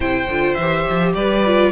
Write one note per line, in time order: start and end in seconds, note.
0.00 0.27 C3
0.00 0.28 E4
0.00 1.13 C5
0.00 0.54 G5
0.28 0.56 D3
0.28 0.59 F4
0.54 0.86 E3
0.54 1.12 E5
0.61 1.45 G4
0.90 1.14 F3
1.14 1.72 G3
1.14 1.72 B4
1.14 1.72 D5
1.45 1.72 F4